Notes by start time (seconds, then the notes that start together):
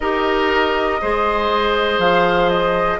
0.00 D#4 G4 A#4 D#5
1.01 G#3 G#4 C5
1.98 F3 F5
2.49 D#5